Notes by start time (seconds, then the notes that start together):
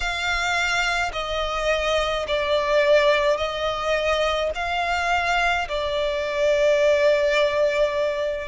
0.00 F5
1.12 D#5
2.27 D5
3.37 D#5
4.54 F5
5.68 D5